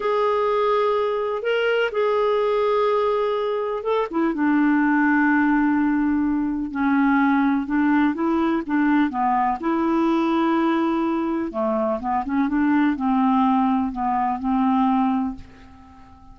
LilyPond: \new Staff \with { instrumentName = "clarinet" } { \time 4/4 \tempo 4 = 125 gis'2. ais'4 | gis'1 | a'8 e'8 d'2.~ | d'2 cis'2 |
d'4 e'4 d'4 b4 | e'1 | a4 b8 cis'8 d'4 c'4~ | c'4 b4 c'2 | }